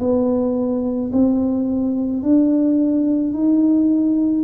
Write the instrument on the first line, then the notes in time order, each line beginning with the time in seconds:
tuba
0.00 B3
1.13 C4
2.23 D4
3.33 D#4